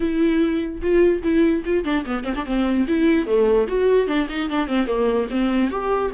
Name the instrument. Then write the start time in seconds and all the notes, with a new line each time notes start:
viola
0.00 E4
0.81 F4
1.22 E4
1.65 F4
1.84 D4
2.05 B3
2.24 C4
2.35 D4
2.45 C4
2.87 E4
3.26 A3
3.67 F#4
4.07 D4
4.29 D#4
4.49 D4
4.67 C4
4.86 A#3
5.30 C4
5.70 G4